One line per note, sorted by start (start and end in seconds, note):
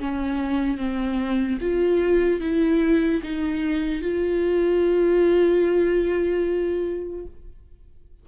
0.00 0.78 C#4
0.78 1.59 C4
1.61 2.41 F4
2.41 3.22 E4
3.23 4.02 D#4
4.02 7.26 F4